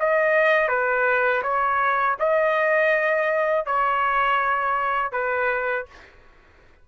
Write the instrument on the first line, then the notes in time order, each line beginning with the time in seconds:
trumpet
0.00 D#5
0.68 B4
1.43 C#5
2.20 D#5
3.66 C#5
5.12 B4